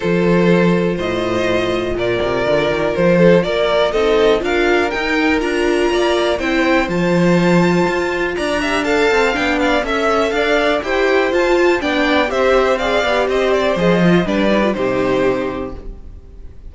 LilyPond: <<
  \new Staff \with { instrumentName = "violin" } { \time 4/4 \tempo 4 = 122 c''2 dis''2 | d''2 c''4 d''4 | dis''4 f''4 g''4 ais''4~ | ais''4 g''4 a''2~ |
a''4 ais''4 a''4 g''8 f''8 | e''4 f''4 g''4 a''4 | g''4 e''4 f''4 dis''8 d''8 | dis''4 d''4 c''2 | }
  \new Staff \with { instrumentName = "violin" } { \time 4/4 a'2 c''2 | ais'2~ ais'8 a'8 ais'4 | a'4 ais'2. | d''4 c''2.~ |
c''4 d''8 e''8 f''4. d''8 | e''4 d''4 c''2 | d''4 c''4 d''4 c''4~ | c''4 b'4 g'2 | }
  \new Staff \with { instrumentName = "viola" } { \time 4/4 f'1~ | f'1 | dis'4 f'4 dis'4 f'4~ | f'4 e'4 f'2~ |
f'4. g'8 a'4 d'4 | a'2 g'4 f'4 | d'4 g'4 gis'8 g'4. | gis'8 f'8 d'8 dis'16 f'16 dis'2 | }
  \new Staff \with { instrumentName = "cello" } { \time 4/4 f2 a,2 | ais,8 c8 d8 dis8 f4 ais4 | c'4 d'4 dis'4 d'4 | ais4 c'4 f2 |
f'4 d'4. c'8 b4 | cis'4 d'4 e'4 f'4 | b4 c'4. b8 c'4 | f4 g4 c2 | }
>>